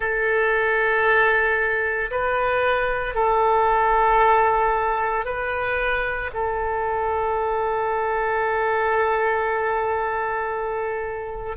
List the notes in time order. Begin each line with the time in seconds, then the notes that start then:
0.00 A4
2.11 B4
3.14 A4
5.25 B4
6.33 A4